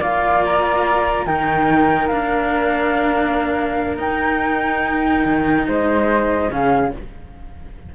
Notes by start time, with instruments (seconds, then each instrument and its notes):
0.00 cello A#3 F4, flute D5 F5
0.45 flute A#5
1.25 cello D#3 D#4, flute A#4 G5
2.07 cello A#3 D4, flute F5
3.96 cello D#4, flute G5
5.25 cello D#3
5.67 cello G#3, flute C5 D#5
6.49 cello C#3 C#4, flute G#4 F5